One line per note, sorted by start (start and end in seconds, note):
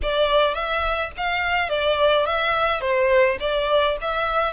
0.02 0.54 D5
0.54 1.11 E5
1.17 1.69 F5
1.69 2.25 D5
2.26 2.80 E5
2.80 3.37 C5
3.40 3.96 D5
4.01 4.53 E5